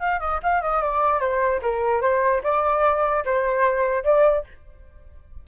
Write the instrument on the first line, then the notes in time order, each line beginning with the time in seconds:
flute
0.00 F5
0.20 D#5
0.43 F5
0.62 D#5
0.82 D5
1.20 C5
1.62 A#4
2.01 C5
2.43 D5
3.25 C5
4.04 D5